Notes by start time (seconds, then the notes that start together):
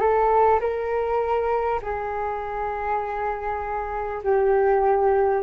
0.00 A4
0.60 A#4
1.82 G#4
4.23 G4